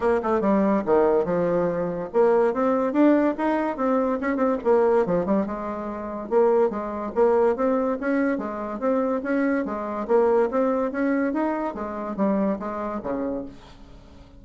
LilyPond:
\new Staff \with { instrumentName = "bassoon" } { \time 4/4 \tempo 4 = 143 ais8 a8 g4 dis4 f4~ | f4 ais4 c'4 d'4 | dis'4 c'4 cis'8 c'8 ais4 | f8 g8 gis2 ais4 |
gis4 ais4 c'4 cis'4 | gis4 c'4 cis'4 gis4 | ais4 c'4 cis'4 dis'4 | gis4 g4 gis4 cis4 | }